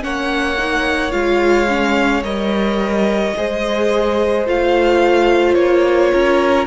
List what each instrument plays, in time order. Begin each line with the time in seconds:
0.00 cello A#3, viola C#4, violin C#5 F#5
0.57 viola D#4
1.11 cello G#3, viola F4, violin F5
1.68 viola C#4
2.22 cello G3, viola A#4, violin D#5
3.36 cello G#3, viola G#4, violin C5
4.46 cello A3, viola F4, violin F5
5.54 cello A#3, violin C#5
6.12 cello C#4, violin A#4